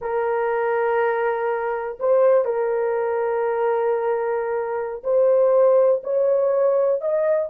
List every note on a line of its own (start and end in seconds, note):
0.01 1.98 A#4
1.99 2.44 C5
2.44 5.03 A#4
5.03 6.02 C5
6.03 7.01 C#5
7.01 7.49 D#5